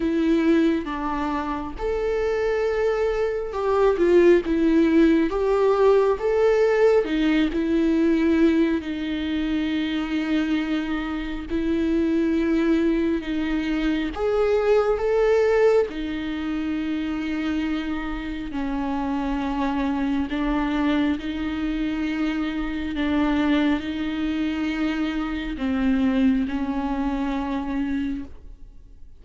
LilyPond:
\new Staff \with { instrumentName = "viola" } { \time 4/4 \tempo 4 = 68 e'4 d'4 a'2 | g'8 f'8 e'4 g'4 a'4 | dis'8 e'4. dis'2~ | dis'4 e'2 dis'4 |
gis'4 a'4 dis'2~ | dis'4 cis'2 d'4 | dis'2 d'4 dis'4~ | dis'4 c'4 cis'2 | }